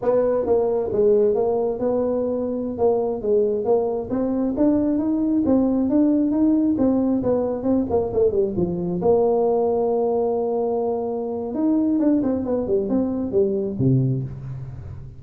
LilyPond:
\new Staff \with { instrumentName = "tuba" } { \time 4/4 \tempo 4 = 135 b4 ais4 gis4 ais4 | b2~ b16 ais4 gis8.~ | gis16 ais4 c'4 d'4 dis'8.~ | dis'16 c'4 d'4 dis'4 c'8.~ |
c'16 b4 c'8 ais8 a8 g8 f8.~ | f16 ais2.~ ais8.~ | ais2 dis'4 d'8 c'8 | b8 g8 c'4 g4 c4 | }